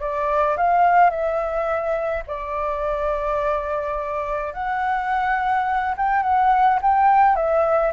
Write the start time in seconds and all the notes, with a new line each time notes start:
0.00 D5
0.57 F5
1.10 E5
2.27 D5
4.53 F#5
5.97 G5
6.23 F#5
6.82 G5
7.36 E5